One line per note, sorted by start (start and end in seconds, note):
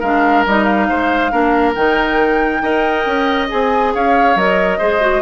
0.00 0.46 G#3
0.00 0.47 D4
0.00 0.87 A#4
0.00 0.44 F5
0.46 0.90 G3
0.46 1.31 D#4
0.46 0.64 D#5
0.64 1.73 F5
0.89 1.32 G#3
0.89 1.32 C5
1.31 1.76 A#3
1.31 1.74 D4
1.31 2.62 A#4
1.74 2.61 D#3
1.74 2.62 D#4
1.74 3.48 G5
2.61 3.05 D#4
2.61 3.49 A#4
2.61 3.94 D#5
3.06 3.49 C#4
3.49 3.95 C4
3.49 4.36 G#4
3.49 3.94 G#5
3.95 4.36 C#4
3.95 4.78 C#5
3.95 4.37 F5
4.36 4.79 F#3
4.36 4.81 A#4
4.36 5.22 D#5
4.78 5.22 G#3
4.78 5.01 G#4
4.78 5.22 C5
5.01 5.22 F#4